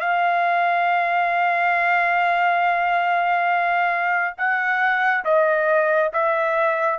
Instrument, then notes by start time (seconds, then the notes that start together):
trumpet
0.00 F5
4.37 F#5
5.25 D#5
6.13 E5